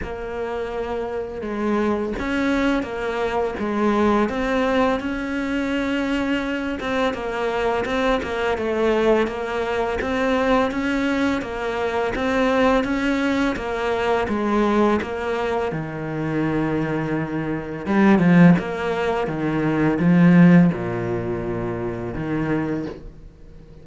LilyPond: \new Staff \with { instrumentName = "cello" } { \time 4/4 \tempo 4 = 84 ais2 gis4 cis'4 | ais4 gis4 c'4 cis'4~ | cis'4. c'8 ais4 c'8 ais8 | a4 ais4 c'4 cis'4 |
ais4 c'4 cis'4 ais4 | gis4 ais4 dis2~ | dis4 g8 f8 ais4 dis4 | f4 ais,2 dis4 | }